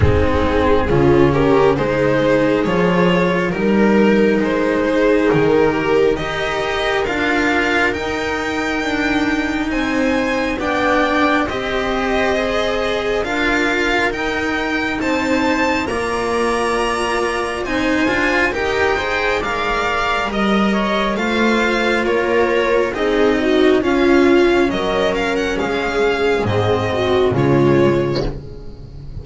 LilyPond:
<<
  \new Staff \with { instrumentName = "violin" } { \time 4/4 \tempo 4 = 68 gis'4. ais'8 c''4 cis''4 | ais'4 c''4 ais'4 dis''4 | f''4 g''2 gis''4 | g''4 dis''2 f''4 |
g''4 a''4 ais''2 | gis''4 g''4 f''4 dis''4 | f''4 cis''4 dis''4 f''4 | dis''8 f''16 fis''16 f''4 dis''4 cis''4 | }
  \new Staff \with { instrumentName = "viola" } { \time 4/4 dis'4 f'8 g'8 gis'2 | ais'4. gis'4 g'8 ais'4~ | ais'2. c''4 | d''4 c''2 ais'4~ |
ais'4 c''4 d''2 | c''4 ais'8 c''8 d''4 dis''8 cis''8 | c''4 ais'4 gis'8 fis'8 f'4 | ais'4 gis'4. fis'8 f'4 | }
  \new Staff \with { instrumentName = "cello" } { \time 4/4 c'4 cis'4 dis'4 f'4 | dis'2. g'4 | f'4 dis'2. | d'4 g'4 gis'4 f'4 |
dis'2 f'2 | dis'8 f'8 g'8 gis'8 ais'2 | f'2 dis'4 cis'4~ | cis'2 c'4 gis4 | }
  \new Staff \with { instrumentName = "double bass" } { \time 4/4 gis4 cis4 gis4 f4 | g4 gis4 dis4 dis'4 | d'4 dis'4 d'4 c'4 | b4 c'2 d'4 |
dis'4 c'4 ais2 | c'8 d'8 dis'4 gis4 g4 | a4 ais4 c'4 cis'4 | fis4 gis4 gis,4 cis4 | }
>>